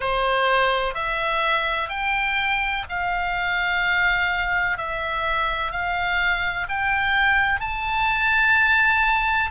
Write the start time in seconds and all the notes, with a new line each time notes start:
0.00 C5
0.94 E5
1.89 G5
2.89 F5
4.77 E5
5.71 F5
6.68 G5
7.60 A5